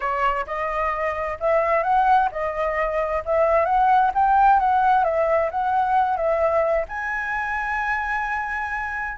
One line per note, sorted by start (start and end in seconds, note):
0.00 0.45 C#5
0.46 1.37 D#5
1.40 1.83 E5
1.83 2.29 F#5
2.31 3.23 D#5
3.25 3.65 E5
3.65 4.11 F#5
4.14 4.59 G5
4.59 5.04 F#5
5.04 5.50 E5
5.51 6.16 F#5
6.16 6.85 E5
6.88 9.17 G#5